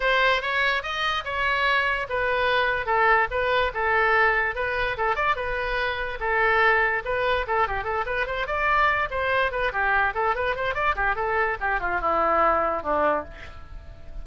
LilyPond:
\new Staff \with { instrumentName = "oboe" } { \time 4/4 \tempo 4 = 145 c''4 cis''4 dis''4 cis''4~ | cis''4 b'2 a'4 | b'4 a'2 b'4 | a'8 d''8 b'2 a'4~ |
a'4 b'4 a'8 g'8 a'8 b'8 | c''8 d''4. c''4 b'8 g'8~ | g'8 a'8 b'8 c''8 d''8 g'8 a'4 | g'8 f'8 e'2 d'4 | }